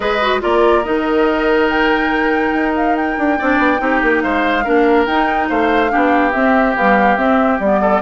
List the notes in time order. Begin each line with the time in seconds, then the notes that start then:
0.00 G#3 G#4 B4 D#5
0.21 F#4
0.40 A#3 F4 A#4 D5
0.83 D#3 D#4 D#5
1.68 G5
2.53 D#4
2.75 F5
2.96 G5
3.18 D4
3.38 C4 D4 D5
3.58 B3
3.77 C4 D#4 G4
4.02 A#3
4.20 G#3 C5 F5
4.64 A#3 D4 A#4
5.05 D#4 G5
5.48 A3 C5 F5
5.89 B3 D4 G4
6.32 C4 E5
6.76 G3 B3 F5
7.17 C4 E5
7.59 G3 B3 D5
7.81 A4